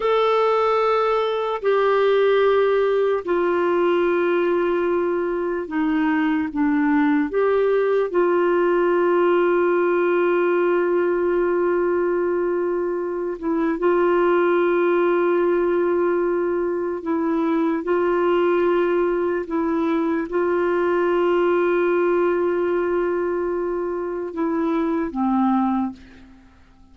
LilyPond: \new Staff \with { instrumentName = "clarinet" } { \time 4/4 \tempo 4 = 74 a'2 g'2 | f'2. dis'4 | d'4 g'4 f'2~ | f'1~ |
f'8 e'8 f'2.~ | f'4 e'4 f'2 | e'4 f'2.~ | f'2 e'4 c'4 | }